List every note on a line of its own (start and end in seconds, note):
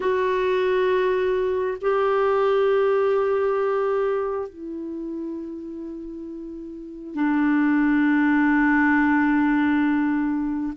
0.00 1.77 F#4
1.81 4.49 G4
4.49 7.14 E4
7.14 10.73 D4